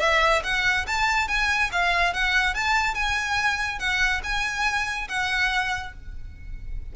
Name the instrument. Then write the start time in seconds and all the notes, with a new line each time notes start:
violin
0.00 E5
0.44 F#5
0.87 A5
1.28 G#5
1.72 F5
2.13 F#5
2.54 A5
2.95 G#5
3.79 F#5
4.24 G#5
5.08 F#5